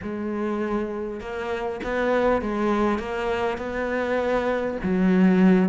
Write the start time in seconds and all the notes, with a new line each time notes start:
0.02 G#3
1.20 A#3
1.83 B3
2.41 G#3
2.98 A#3
3.57 B3
4.83 F#3